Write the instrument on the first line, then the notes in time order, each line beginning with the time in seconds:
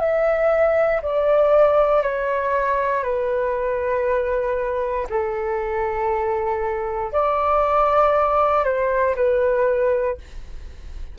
flute
0.00 E5
1.02 D5
2.02 C#5
3.04 B4
5.10 A4
7.13 D5
8.64 C5
9.16 B4